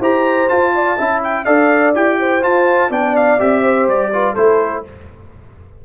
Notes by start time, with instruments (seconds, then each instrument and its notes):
0.00 tuba E4, trombone G4, horn C5, trumpet A#5
0.49 trombone F4, tuba F4, trumpet A5
0.75 horn D5
0.98 tuba C#4, trombone E4, horn E5
1.24 trumpet G5
1.45 tuba D4, trombone A4, horn D5, trumpet F5
1.94 tuba E4, trombone G4, trumpet G5
2.20 horn C5
2.42 trombone F4, tuba F4, trumpet A5
2.90 tuba B3, trombone D4, horn D5, trumpet G5
3.16 trumpet F5
3.39 tuba C4, trombone G4, trumpet E5
3.62 horn C5
3.88 tuba G3, trumpet D5
4.13 trombone F4, horn B4
4.34 tuba A3, trombone E4, horn A4, trumpet C5